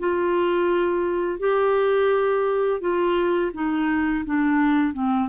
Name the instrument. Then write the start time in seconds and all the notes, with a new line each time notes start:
clarinet
0.00 F4
1.40 G4
2.81 F4
3.54 D#4
4.26 D4
4.94 C4